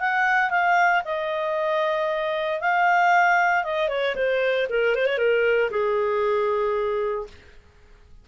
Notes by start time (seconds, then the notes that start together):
0.00 F#5
0.51 F5
1.05 D#5
2.61 F5
3.64 D#5
3.89 C#5
4.16 C5
4.70 A#4
4.95 C5
5.07 C#5
5.18 A#4
5.71 G#4